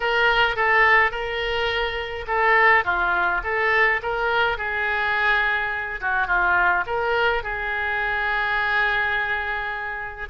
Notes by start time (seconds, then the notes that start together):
0.00 A#4
0.56 A4
1.11 A#4
2.27 A4
2.84 F4
3.43 A4
4.02 A#4
4.57 G#4
6.01 F#4
6.27 F4
6.86 A#4
7.43 G#4